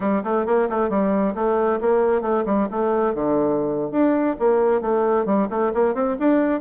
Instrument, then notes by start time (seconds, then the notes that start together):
bassoon
0.00 G3
0.23 A3
0.46 A#3
0.69 A3
0.89 G3
1.34 A3
1.81 A#3
2.21 A3
2.45 G3
2.70 A3
3.14 D3
3.91 D4
4.39 A#3
4.81 A3
5.25 G3
5.50 A3
5.74 A#3
5.94 C4
6.19 D4